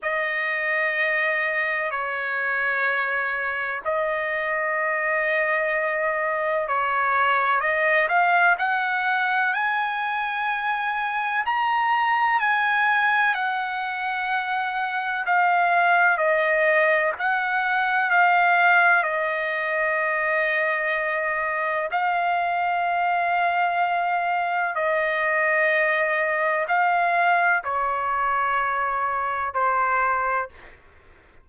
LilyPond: \new Staff \with { instrumentName = "trumpet" } { \time 4/4 \tempo 4 = 63 dis''2 cis''2 | dis''2. cis''4 | dis''8 f''8 fis''4 gis''2 | ais''4 gis''4 fis''2 |
f''4 dis''4 fis''4 f''4 | dis''2. f''4~ | f''2 dis''2 | f''4 cis''2 c''4 | }